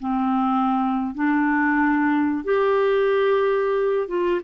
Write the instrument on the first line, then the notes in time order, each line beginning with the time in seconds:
clarinet
0.00 C4
1.14 D4
2.44 G4
4.08 F4